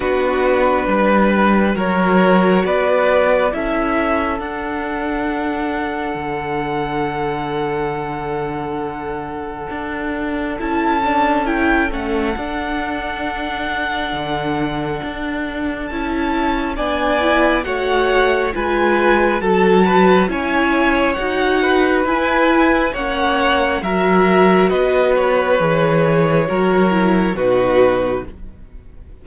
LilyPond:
<<
  \new Staff \with { instrumentName = "violin" } { \time 4/4 \tempo 4 = 68 b'2 cis''4 d''4 | e''4 fis''2.~ | fis''1 | a''4 g''8 fis''2~ fis''8~ |
fis''2 a''4 gis''4 | fis''4 gis''4 a''4 gis''4 | fis''4 gis''4 fis''4 e''4 | dis''8 cis''2~ cis''8 b'4 | }
  \new Staff \with { instrumentName = "violin" } { \time 4/4 fis'4 b'4 ais'4 b'4 | a'1~ | a'1~ | a'1~ |
a'2. d''4 | cis''4 b'4 a'8 b'8 cis''4~ | cis''8 b'4. cis''4 ais'4 | b'2 ais'4 fis'4 | }
  \new Staff \with { instrumentName = "viola" } { \time 4/4 d'2 fis'2 | e'4 d'2.~ | d'1 | e'8 d'8 e'8 cis'8 d'2~ |
d'2 e'4 d'8 e'8 | fis'4 f'4 fis'4 e'4 | fis'4 e'4 cis'4 fis'4~ | fis'4 gis'4 fis'8 e'8 dis'4 | }
  \new Staff \with { instrumentName = "cello" } { \time 4/4 b4 g4 fis4 b4 | cis'4 d'2 d4~ | d2. d'4 | cis'4. a8 d'2 |
d4 d'4 cis'4 b4 | a4 gis4 fis4 cis'4 | dis'4 e'4 ais4 fis4 | b4 e4 fis4 b,4 | }
>>